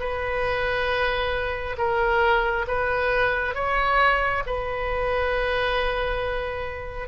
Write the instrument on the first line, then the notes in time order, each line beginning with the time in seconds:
oboe
0.00 B4
1.78 A#4
2.68 B4
3.55 C#5
4.46 B4